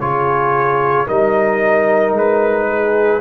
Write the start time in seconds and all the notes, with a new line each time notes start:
0.00 C#3 F4 G#4 C#5
1.06 G3 D#4 A#4 D#5
2.12 G#3 B4
2.68 G#4